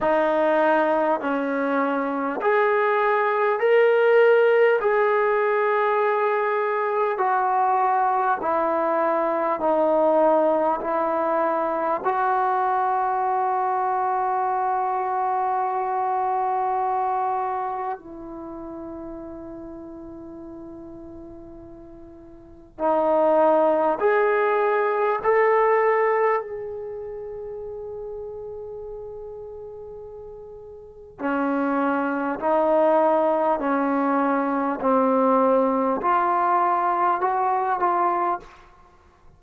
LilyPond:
\new Staff \with { instrumentName = "trombone" } { \time 4/4 \tempo 4 = 50 dis'4 cis'4 gis'4 ais'4 | gis'2 fis'4 e'4 | dis'4 e'4 fis'2~ | fis'2. e'4~ |
e'2. dis'4 | gis'4 a'4 gis'2~ | gis'2 cis'4 dis'4 | cis'4 c'4 f'4 fis'8 f'8 | }